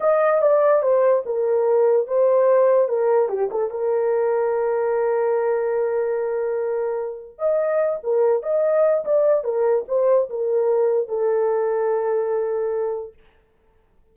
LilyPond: \new Staff \with { instrumentName = "horn" } { \time 4/4 \tempo 4 = 146 dis''4 d''4 c''4 ais'4~ | ais'4 c''2 ais'4 | g'8 a'8 ais'2.~ | ais'1~ |
ais'2 dis''4. ais'8~ | ais'8 dis''4. d''4 ais'4 | c''4 ais'2 a'4~ | a'1 | }